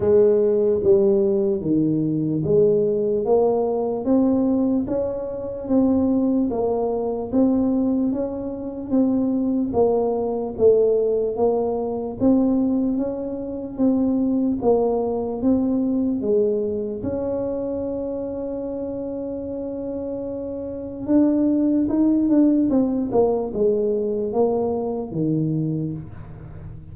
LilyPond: \new Staff \with { instrumentName = "tuba" } { \time 4/4 \tempo 4 = 74 gis4 g4 dis4 gis4 | ais4 c'4 cis'4 c'4 | ais4 c'4 cis'4 c'4 | ais4 a4 ais4 c'4 |
cis'4 c'4 ais4 c'4 | gis4 cis'2.~ | cis'2 d'4 dis'8 d'8 | c'8 ais8 gis4 ais4 dis4 | }